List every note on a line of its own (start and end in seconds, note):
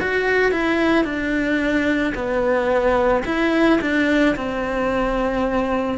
0.00 0.52 F#4
0.52 1.04 E4
1.04 2.13 D4
2.15 3.24 B3
3.25 3.80 E4
3.81 4.36 D4
4.36 5.98 C4